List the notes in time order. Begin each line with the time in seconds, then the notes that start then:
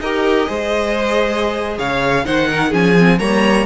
0.00 D#4 G4 A#4 D#5
0.47 G#3 G#4 C5
1.77 C#3 C#5 F5
2.24 D#3 D#4 C5 F#5
2.50 A#4
2.69 F3 C#4 G#4 G#5
2.99 C4
3.19 G3 A#3 C#5 A#5